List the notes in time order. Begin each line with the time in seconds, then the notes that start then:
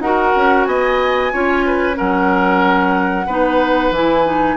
0.00 D#4 F#4 A#4 F#5
0.36 C#4
0.65 B3 D#5 G#5
1.33 C#4 F4 C#5
1.67 B4
1.95 F#3 C#4 A#4 F#5
3.27 B3 D#4 B4
3.91 E3 E4 G#5
4.26 D#4